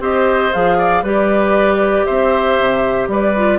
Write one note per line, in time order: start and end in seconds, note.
0.00 0.51 C4
0.00 0.52 G4
0.00 0.78 C5
0.00 0.53 D#5
0.53 1.03 F3
0.53 1.04 G#4
0.53 1.05 F5
0.78 1.04 D5
1.03 2.05 G3
1.03 3.36 G4
1.03 2.06 B4
1.03 2.06 D5
2.06 2.60 C4
2.06 3.09 C5
2.06 3.08 E5
2.60 3.08 C3
3.08 3.59 G3
3.08 3.59 B4
3.08 3.59 D5
3.36 3.59 F4